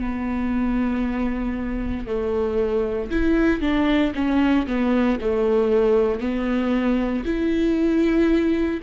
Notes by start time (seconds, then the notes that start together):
0.00 B3
2.07 A3
3.11 E4
3.61 D4
4.15 C#4
4.67 B3
5.21 A3
6.20 B3
7.25 E4